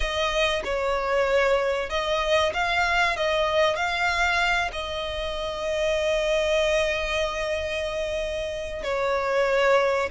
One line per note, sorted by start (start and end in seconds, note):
0.00 0.62 D#5
0.64 1.89 C#5
1.89 2.52 D#5
2.53 3.16 F5
3.16 3.76 D#5
3.76 4.71 F5
4.72 8.82 D#5
8.83 10.09 C#5